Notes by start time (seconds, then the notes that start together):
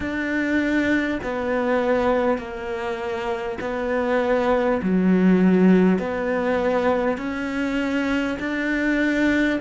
0.00 D4
1.23 B3
2.38 A#3
3.60 B3
4.82 F#3
5.98 B3
7.17 C#4
8.39 D4